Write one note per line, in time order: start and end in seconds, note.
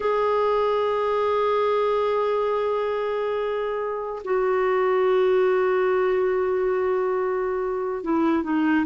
0.00 4.22 G#4
4.24 8.03 F#4
8.03 8.43 E4
8.43 8.85 D#4